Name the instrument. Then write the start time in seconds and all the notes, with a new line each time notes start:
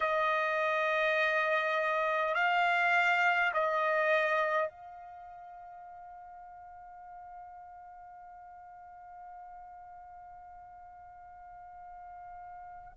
trumpet
0.00 D#5
2.34 F5
3.53 D#5
4.68 F5